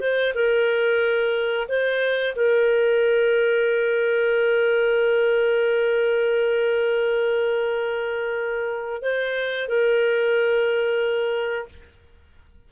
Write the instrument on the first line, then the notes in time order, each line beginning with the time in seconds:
clarinet
0.00 C5
0.34 A#4
1.68 C5
2.35 A#4
9.02 C5
9.68 A#4